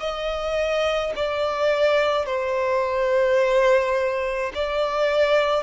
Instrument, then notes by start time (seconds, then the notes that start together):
violin
0.00 D#5
1.16 D5
2.26 C5
4.55 D5